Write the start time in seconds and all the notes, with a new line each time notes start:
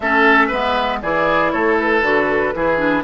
0.00 A3 C#4 A4 E5
0.47 G#3 B3 B4
1.01 E3 E4 G#4 D5
1.51 A3 A4 C#5
1.79 B4
2.02 D3 F#4
2.55 E3 E4 G#4
2.77 D4